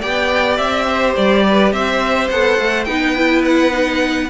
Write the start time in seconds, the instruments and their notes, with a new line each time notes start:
0.00 cello B3, viola G4, violin D5 G5
0.57 cello C4, violin E5
0.88 violin C5
1.16 cello G3, violin D5
1.49 violin B4
1.72 cello C4, violin C5 E5
2.30 cello B3, viola A4, violin F#5
2.59 cello A3
2.85 cello B3, viola D#4, violin B4 G5
3.16 viola E4
3.45 violin F#5
3.71 viola D#4